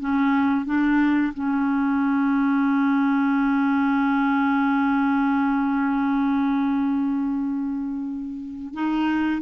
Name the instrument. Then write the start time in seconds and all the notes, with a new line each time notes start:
clarinet
0.00 C#4
0.66 D4
1.34 C#4
8.74 D#4